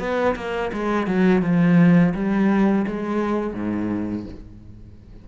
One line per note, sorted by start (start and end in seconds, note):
0.00 0.36 B3
0.36 0.72 A#3
0.73 1.07 G#3
1.07 1.43 F#3
1.43 2.14 F3
2.15 2.86 G3
2.88 3.54 G#3
3.54 4.26 G#2